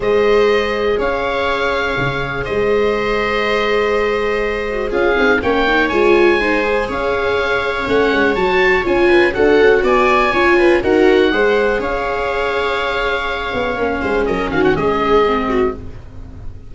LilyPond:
<<
  \new Staff \with { instrumentName = "oboe" } { \time 4/4 \tempo 4 = 122 dis''2 f''2~ | f''4 dis''2.~ | dis''2 f''4 g''4 | gis''2 f''2 |
fis''4 a''4 gis''4 fis''4 | gis''2 fis''2 | f''1~ | f''4 dis''8 f''16 fis''16 dis''2 | }
  \new Staff \with { instrumentName = "viola" } { \time 4/4 c''2 cis''2~ | cis''4 c''2.~ | c''2 gis'4 cis''4~ | cis''4 c''4 cis''2~ |
cis''2~ cis''8 b'8 a'4 | d''4 cis''8 b'8 ais'4 c''4 | cis''1~ | cis''8 c''8 ais'8 fis'8 gis'4. fis'8 | }
  \new Staff \with { instrumentName = "viola" } { \time 4/4 gis'1~ | gis'1~ | gis'4. fis'8 f'8 dis'8 cis'8 dis'8 | f'4 dis'8 gis'2~ gis'8 |
cis'4 fis'4 f'4 fis'4~ | fis'4 f'4 fis'4 gis'4~ | gis'1 | cis'2. c'4 | }
  \new Staff \with { instrumentName = "tuba" } { \time 4/4 gis2 cis'2 | cis4 gis2.~ | gis2 cis'8 c'8 ais4 | gis2 cis'2 |
a8 gis8 fis4 cis'4 d'8 cis'8 | b4 cis'4 dis'4 gis4 | cis'2.~ cis'8 b8 | ais8 gis8 fis8 dis8 gis2 | }
>>